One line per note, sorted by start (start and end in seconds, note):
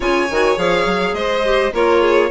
0.00 0.29 C#3
0.00 0.29 F4
0.00 1.15 C#5
0.00 0.58 G#5
0.29 0.57 D#3
0.29 0.56 F#4
0.56 0.85 F3
0.56 1.43 G#4
0.56 1.14 F5
0.85 1.13 F#3
1.13 1.70 G#3
1.13 1.73 C5
1.13 1.72 D#5
1.44 1.73 G4
1.73 2.31 A#3
1.73 2.31 F4
1.73 2.01 A#4
1.73 2.31 C#5
2.01 2.30 G#4